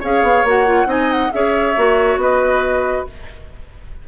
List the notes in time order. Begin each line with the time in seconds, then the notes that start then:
0.00 C#4 G#4 C#5 F5
0.22 B3
0.43 A#3 F#4 F#5
0.66 F4
0.86 C4 D#4 D#5 G#5
1.11 F#5
1.32 C#4 G#4 C#5 E5
1.76 A#3 F#4
2.16 B3 B4 D#5